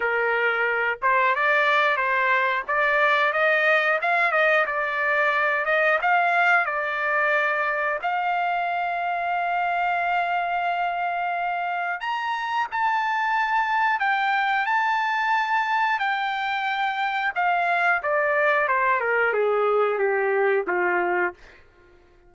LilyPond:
\new Staff \with { instrumentName = "trumpet" } { \time 4/4 \tempo 4 = 90 ais'4. c''8 d''4 c''4 | d''4 dis''4 f''8 dis''8 d''4~ | d''8 dis''8 f''4 d''2 | f''1~ |
f''2 ais''4 a''4~ | a''4 g''4 a''2 | g''2 f''4 d''4 | c''8 ais'8 gis'4 g'4 f'4 | }